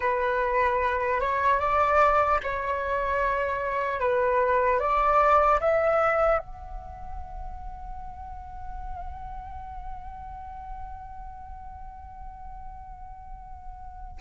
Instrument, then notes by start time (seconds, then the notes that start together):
flute
0.00 B4
1.20 C#5
1.60 D5
2.43 C#5
4.00 B4
4.79 D5
5.60 E5
6.38 F#5